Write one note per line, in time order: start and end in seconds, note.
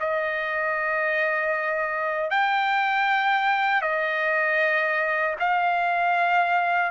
0.00 2.30 D#5
2.30 3.81 G5
3.81 5.35 D#5
5.40 6.91 F5